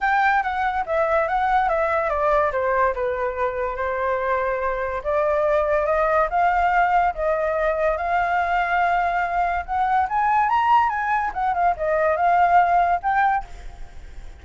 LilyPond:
\new Staff \with { instrumentName = "flute" } { \time 4/4 \tempo 4 = 143 g''4 fis''4 e''4 fis''4 | e''4 d''4 c''4 b'4~ | b'4 c''2. | d''2 dis''4 f''4~ |
f''4 dis''2 f''4~ | f''2. fis''4 | gis''4 ais''4 gis''4 fis''8 f''8 | dis''4 f''2 g''4 | }